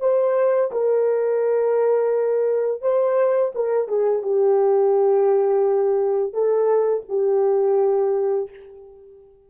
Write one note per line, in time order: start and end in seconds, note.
0.00 0.71 C5
0.72 2.81 A#4
2.81 3.52 C5
3.55 3.88 A#4
3.88 4.22 G#4
4.22 6.33 G4
6.33 7.04 A4
7.09 8.50 G4